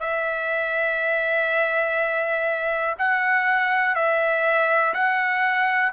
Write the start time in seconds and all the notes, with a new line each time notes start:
0.00 E5
2.98 F#5
3.95 E5
4.94 F#5